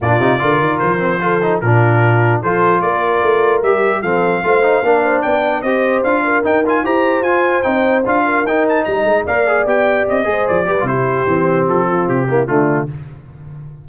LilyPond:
<<
  \new Staff \with { instrumentName = "trumpet" } { \time 4/4 \tempo 4 = 149 d''2 c''2 | ais'2 c''4 d''4~ | d''4 e''4 f''2~ | f''4 g''4 dis''4 f''4 |
g''8 gis''8 ais''4 gis''4 g''4 | f''4 g''8 a''8 ais''4 f''4 | g''4 dis''4 d''4 c''4~ | c''4 a'4 g'4 f'4 | }
  \new Staff \with { instrumentName = "horn" } { \time 4/4 f'4 ais'2 a'4 | f'2 a'4 ais'4~ | ais'2 a'4 c''4 | ais'8 c''8 d''4 c''4. ais'8~ |
ais'4 c''2.~ | c''8 ais'4. dis''4 d''4~ | d''4. c''4 b'8 g'4~ | g'4. f'4 e'8 d'4 | }
  \new Staff \with { instrumentName = "trombone" } { \time 4/4 d'8 dis'8 f'4. c'8 f'8 dis'8 | d'2 f'2~ | f'4 g'4 c'4 f'8 dis'8 | d'2 g'4 f'4 |
dis'8 f'8 g'4 f'4 dis'4 | f'4 dis'2 ais'8 gis'8 | g'4. gis'4 g'16 f'16 e'4 | c'2~ c'8 ais8 a4 | }
  \new Staff \with { instrumentName = "tuba" } { \time 4/4 ais,8 c8 d8 dis8 f2 | ais,2 f4 ais4 | a4 g4 f4 a4 | ais4 b4 c'4 d'4 |
dis'4 e'4 f'4 c'4 | d'4 dis'4 g8 gis8 ais4 | b4 c'8 gis8 f8 g8 c4 | e4 f4 c4 d4 | }
>>